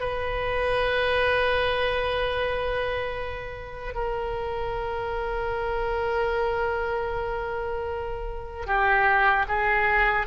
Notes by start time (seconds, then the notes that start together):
0.00 B4
3.94 A#4
8.67 G4
9.48 G#4